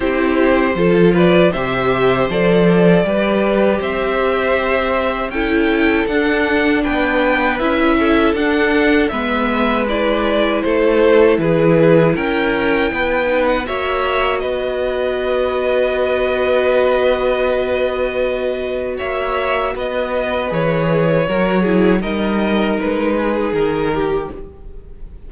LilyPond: <<
  \new Staff \with { instrumentName = "violin" } { \time 4/4 \tempo 4 = 79 c''4. d''8 e''4 d''4~ | d''4 e''2 g''4 | fis''4 g''4 e''4 fis''4 | e''4 d''4 c''4 b'4 |
g''4.~ g''16 fis''16 e''4 dis''4~ | dis''1~ | dis''4 e''4 dis''4 cis''4~ | cis''4 dis''4 b'4 ais'4 | }
  \new Staff \with { instrumentName = "violin" } { \time 4/4 g'4 a'8 b'8 c''2 | b'4 c''2 a'4~ | a'4 b'4. a'4. | b'2 a'4 gis'4 |
ais'4 b'4 cis''4 b'4~ | b'1~ | b'4 cis''4 b'2 | ais'8 gis'8 ais'4. gis'4 g'8 | }
  \new Staff \with { instrumentName = "viola" } { \time 4/4 e'4 f'4 g'4 a'4 | g'2. e'4 | d'2 e'4 d'4 | b4 e'2.~ |
e'4. dis'8 fis'2~ | fis'1~ | fis'2. gis'4 | fis'8 e'8 dis'2. | }
  \new Staff \with { instrumentName = "cello" } { \time 4/4 c'4 f4 c4 f4 | g4 c'2 cis'4 | d'4 b4 cis'4 d'4 | gis2 a4 e4 |
cis'4 b4 ais4 b4~ | b1~ | b4 ais4 b4 e4 | fis4 g4 gis4 dis4 | }
>>